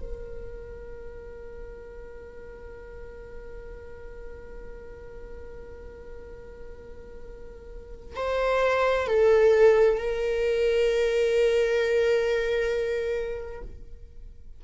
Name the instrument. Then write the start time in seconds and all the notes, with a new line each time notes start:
viola
0.00 A#4
8.16 C5
9.07 A4
9.98 A#4